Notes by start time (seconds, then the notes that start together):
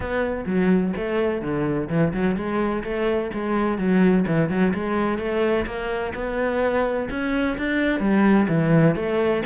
0.00 B3
0.46 F#3
0.96 A3
1.41 D3
1.89 E3
2.13 F#3
2.36 G#3
2.83 A3
3.33 G#3
3.78 F#3
4.26 E3
4.49 F#3
4.74 G#3
5.18 A3
5.65 A#3
6.14 B3
7.10 C#4
7.57 D4
7.99 G3
8.48 E3
8.95 A3